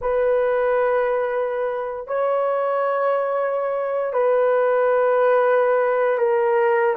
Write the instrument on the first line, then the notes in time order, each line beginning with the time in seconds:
horn
0.00 B4
2.07 C#5
4.13 B4
6.18 A#4